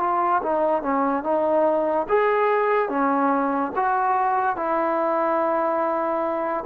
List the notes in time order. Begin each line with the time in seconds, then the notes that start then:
0.00 F4
0.43 D#4
0.82 C#4
1.24 D#4
2.09 G#4
2.89 C#4
3.76 F#4
4.56 E4